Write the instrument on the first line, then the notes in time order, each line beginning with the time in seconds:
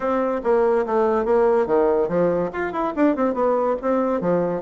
bassoon
0.00 C4
0.43 A#3
0.86 A3
1.25 A#3
1.66 D#3
2.08 F3
2.53 F4
2.72 E4
2.96 D4
3.16 C4
3.34 B3
3.81 C4
4.20 F3